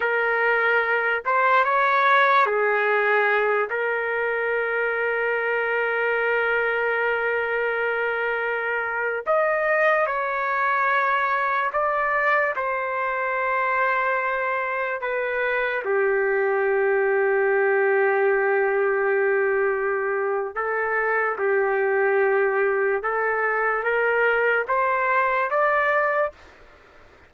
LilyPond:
\new Staff \with { instrumentName = "trumpet" } { \time 4/4 \tempo 4 = 73 ais'4. c''8 cis''4 gis'4~ | gis'8 ais'2.~ ais'8~ | ais'2.~ ais'16 dis''8.~ | dis''16 cis''2 d''4 c''8.~ |
c''2~ c''16 b'4 g'8.~ | g'1~ | g'4 a'4 g'2 | a'4 ais'4 c''4 d''4 | }